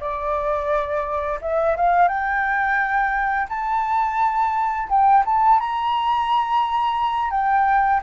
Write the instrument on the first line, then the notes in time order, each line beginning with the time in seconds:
flute
0.00 D5
1.41 E5
1.77 F5
2.08 G5
3.49 A5
4.89 G5
5.25 A5
5.60 A#5
7.31 G5